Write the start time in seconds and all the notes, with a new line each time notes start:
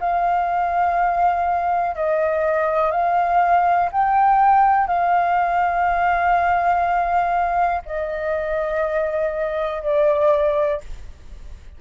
0.00 F5
1.96 D#5
2.92 F5
3.92 G5
4.87 F5
7.86 D#5
9.83 D5